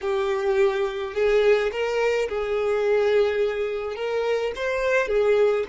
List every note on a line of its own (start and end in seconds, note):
0.01 1.14 G4
1.14 1.71 G#4
1.72 2.28 A#4
2.28 3.95 G#4
3.95 4.52 A#4
4.55 5.08 C5
5.08 5.64 G#4